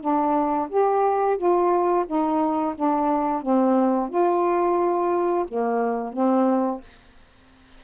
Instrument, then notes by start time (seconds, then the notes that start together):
saxophone
0.00 D4
0.69 G4
1.37 F4
2.06 D#4
2.75 D4
3.42 C4
4.09 F4
5.47 A#3
6.12 C4